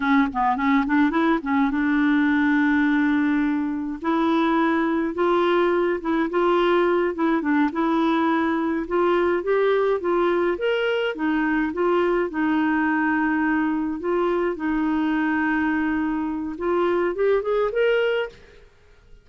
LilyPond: \new Staff \with { instrumentName = "clarinet" } { \time 4/4 \tempo 4 = 105 cis'8 b8 cis'8 d'8 e'8 cis'8 d'4~ | d'2. e'4~ | e'4 f'4. e'8 f'4~ | f'8 e'8 d'8 e'2 f'8~ |
f'8 g'4 f'4 ais'4 dis'8~ | dis'8 f'4 dis'2~ dis'8~ | dis'8 f'4 dis'2~ dis'8~ | dis'4 f'4 g'8 gis'8 ais'4 | }